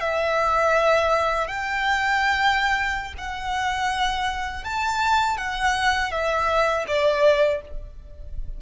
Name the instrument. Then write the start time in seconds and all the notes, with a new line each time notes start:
violin
0.00 E5
1.47 G5
3.18 F#5
4.64 A5
5.37 F#5
6.11 E5
6.87 D5